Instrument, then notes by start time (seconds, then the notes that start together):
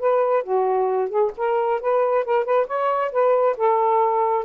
saxophone
0.00 B4
0.44 F#4
1.10 G#4
1.38 A#4
1.81 B4
2.25 A#4
2.45 B4
2.67 C#5
3.12 B4
3.58 A4